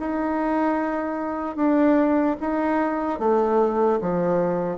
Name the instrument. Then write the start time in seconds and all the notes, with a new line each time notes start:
bassoon
0.00 D#4
1.56 D4
2.41 D#4
3.20 A3
4.02 F3